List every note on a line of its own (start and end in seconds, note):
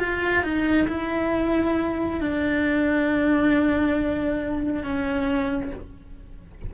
0.00 0.44 F4
0.44 0.88 D#4
0.88 2.20 E4
2.20 4.83 D4
4.83 5.72 C#4